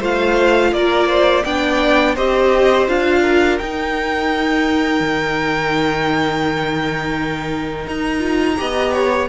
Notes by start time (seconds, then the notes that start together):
0.00 A3 F4 C5 F5
0.72 A#3 A#4 D5
1.08 C5
1.44 B3 D4 D5 G5
2.14 C4 G4 C5 D#5
2.88 D4 F4 F5
3.22 A#4
3.58 D#4 G5
5.01 D#3
7.87 D#4 A#5
8.20 F4
8.57 B3 G4 D#5
8.93 C#5